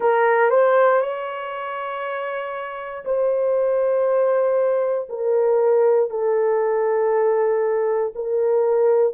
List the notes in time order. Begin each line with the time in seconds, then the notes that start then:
0.00 A#4
0.50 C5
1.01 C#5
3.05 C5
5.08 A#4
6.10 A4
8.14 A#4